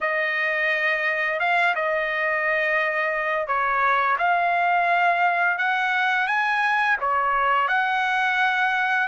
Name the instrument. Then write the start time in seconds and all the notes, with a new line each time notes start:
trumpet
0.00 D#5
1.39 F5
1.75 D#5
3.47 C#5
4.18 F5
5.58 F#5
6.27 G#5
7.00 C#5
7.67 F#5